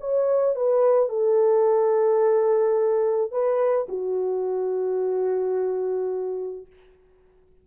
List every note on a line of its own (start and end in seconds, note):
0.00 0.55 C#5
0.55 1.09 B4
1.09 3.31 A4
3.31 3.87 B4
3.89 6.66 F#4